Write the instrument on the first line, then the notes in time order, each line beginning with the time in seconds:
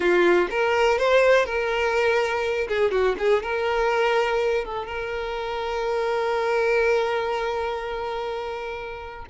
violin
0.00 F4
0.50 A#4
0.98 C5
1.45 A#4
2.68 G#4
2.91 F#4
3.18 G#4
3.42 A#4
4.65 A4
4.86 A#4